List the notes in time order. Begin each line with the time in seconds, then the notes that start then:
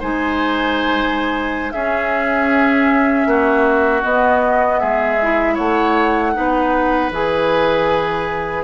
0.00 G#3 D#4 C5 G#5
1.71 C#4 G#4 E5
3.26 A#3 F#4
4.03 B3 D#5
4.79 G#3 G#4 E5
5.22 E4
5.55 A3 C#5 F#5
6.34 B3 D#4 B4
7.12 E3 G#4 G#5